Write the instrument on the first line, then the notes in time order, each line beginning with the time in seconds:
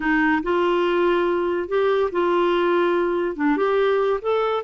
clarinet
0.00 D#4
0.42 F4
1.68 G4
2.11 F4
3.36 D4
3.56 G4
4.21 A4